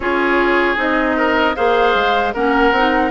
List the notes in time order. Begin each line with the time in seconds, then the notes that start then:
0.00 C#4 F4 G#4 C#5
0.76 C4 D#4 D#5
1.16 A#4
1.55 A#3 G#4 C5 F5
1.94 G#3
2.34 A#3 C#4 A#4 F#5
2.71 C4 D#4